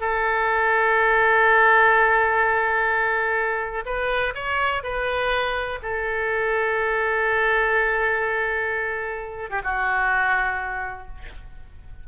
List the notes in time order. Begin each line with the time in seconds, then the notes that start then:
0.00 A4
3.86 B4
4.34 C#5
4.83 B4
5.82 A4
9.50 G4
9.63 F#4